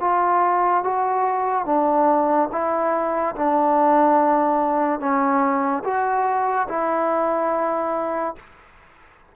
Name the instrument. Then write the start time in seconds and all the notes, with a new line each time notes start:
trombone
0.00 F4
0.83 F#4
1.65 D4
2.52 E4
3.35 D4
4.99 C#4
5.84 F#4
6.68 E4